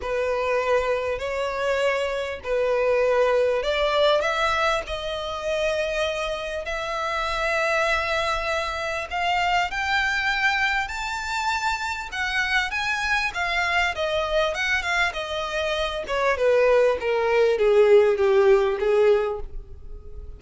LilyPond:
\new Staff \with { instrumentName = "violin" } { \time 4/4 \tempo 4 = 99 b'2 cis''2 | b'2 d''4 e''4 | dis''2. e''4~ | e''2. f''4 |
g''2 a''2 | fis''4 gis''4 f''4 dis''4 | fis''8 f''8 dis''4. cis''8 b'4 | ais'4 gis'4 g'4 gis'4 | }